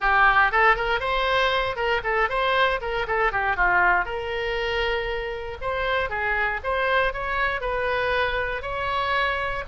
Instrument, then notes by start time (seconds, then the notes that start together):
oboe
0.00 G4
0.51 A4
0.76 A#4
1.00 C5
1.75 A#4
2.03 A4
2.29 C5
2.81 A#4
3.07 A4
3.31 G4
3.56 F4
4.05 A#4
5.61 C5
6.09 G#4
6.63 C5
7.13 C#5
7.60 B4
8.62 C#5